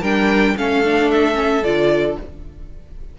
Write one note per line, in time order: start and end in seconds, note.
0.00 0.54 G3
0.00 0.57 D4
0.00 0.54 A#4
0.00 0.57 G5
0.57 1.62 A3
0.57 0.84 C#4
0.57 2.19 A4
0.57 1.10 F5
0.84 1.33 D4
1.10 1.64 E5
1.33 1.60 C#4
1.62 2.16 D3
1.62 2.18 F4
1.62 2.17 D5